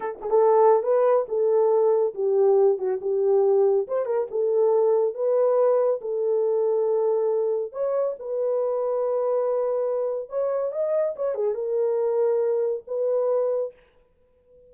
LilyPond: \new Staff \with { instrumentName = "horn" } { \time 4/4 \tempo 4 = 140 a'8 gis'16 a'4~ a'16 b'4 a'4~ | a'4 g'4. fis'8 g'4~ | g'4 c''8 ais'8 a'2 | b'2 a'2~ |
a'2 cis''4 b'4~ | b'1 | cis''4 dis''4 cis''8 gis'8 ais'4~ | ais'2 b'2 | }